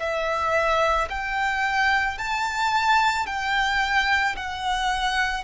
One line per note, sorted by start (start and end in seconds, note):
0.00 1.09 E5
1.10 2.18 G5
2.18 3.27 A5
3.27 4.36 G5
4.36 5.44 F#5